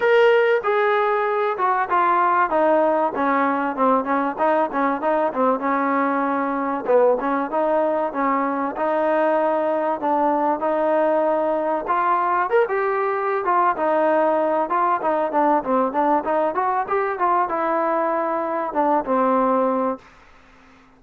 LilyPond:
\new Staff \with { instrumentName = "trombone" } { \time 4/4 \tempo 4 = 96 ais'4 gis'4. fis'8 f'4 | dis'4 cis'4 c'8 cis'8 dis'8 cis'8 | dis'8 c'8 cis'2 b8 cis'8 | dis'4 cis'4 dis'2 |
d'4 dis'2 f'4 | ais'16 g'4~ g'16 f'8 dis'4. f'8 | dis'8 d'8 c'8 d'8 dis'8 fis'8 g'8 f'8 | e'2 d'8 c'4. | }